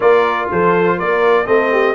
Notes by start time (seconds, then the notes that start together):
0.00 A#3 F4 A#4 D5
0.51 F3 A4 C5
0.96 A#3 A#4 D5
1.45 A3 C4 A4 D#5
1.71 G4